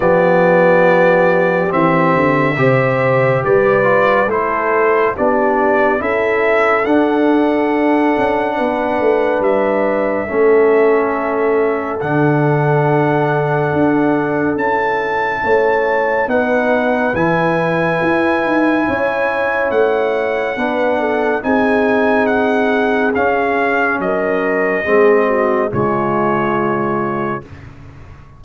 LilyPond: <<
  \new Staff \with { instrumentName = "trumpet" } { \time 4/4 \tempo 4 = 70 d''2 e''2 | d''4 c''4 d''4 e''4 | fis''2. e''4~ | e''2 fis''2~ |
fis''4 a''2 fis''4 | gis''2. fis''4~ | fis''4 gis''4 fis''4 f''4 | dis''2 cis''2 | }
  \new Staff \with { instrumentName = "horn" } { \time 4/4 g'2. c''4 | b'4 a'4 g'4 a'4~ | a'2 b'2 | a'1~ |
a'2 cis''4 b'4~ | b'2 cis''2 | b'8 a'8 gis'2. | ais'4 gis'8 fis'8 f'2 | }
  \new Staff \with { instrumentName = "trombone" } { \time 4/4 b2 c'4 g'4~ | g'8 f'8 e'4 d'4 e'4 | d'1 | cis'2 d'2~ |
d'4 e'2 dis'4 | e'1 | d'4 dis'2 cis'4~ | cis'4 c'4 gis2 | }
  \new Staff \with { instrumentName = "tuba" } { \time 4/4 f2 e8 d8 c4 | g4 a4 b4 cis'4 | d'4. cis'8 b8 a8 g4 | a2 d2 |
d'4 cis'4 a4 b4 | e4 e'8 dis'8 cis'4 a4 | b4 c'2 cis'4 | fis4 gis4 cis2 | }
>>